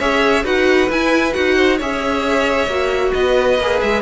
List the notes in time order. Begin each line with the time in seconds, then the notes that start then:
0.00 C#4 G#4 C#5 E5
0.43 D#4 F#4 B4 F#5
0.90 E4 G#5
1.33 D#4 F#4 F#5
1.57 C5
1.77 C#4 G#4 C#5 E5
2.67 A#3 F#4
3.14 B3 B4 D#5
3.59 A#3 G#4
3.81 G#3 E5